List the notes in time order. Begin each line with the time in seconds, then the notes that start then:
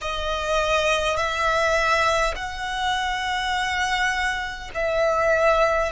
0.01 D#5
1.17 E5
2.35 F#5
4.74 E5